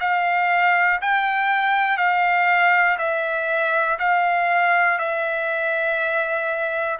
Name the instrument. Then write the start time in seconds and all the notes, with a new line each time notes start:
trumpet
0.00 F5
1.01 G5
1.97 F5
2.98 E5
3.99 F5
4.98 E5